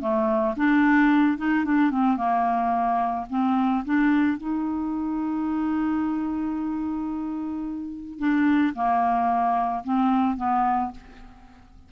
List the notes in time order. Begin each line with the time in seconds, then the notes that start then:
0.00 A3
0.56 D4
1.38 D#4
1.64 D4
1.90 C4
2.16 A#3
3.30 C4
3.85 D4
4.37 D#4
8.19 D4
8.74 A#3
9.84 C4
10.36 B3